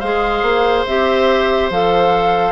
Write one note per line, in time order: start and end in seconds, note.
0.00 0.42 G#3
0.00 0.87 G#4
0.00 2.52 C5
0.00 0.85 F5
0.42 0.84 A#3
0.86 1.70 C4
0.86 1.72 G4
0.86 1.71 E5
1.70 2.52 F3
1.70 2.52 A4
1.70 2.52 F5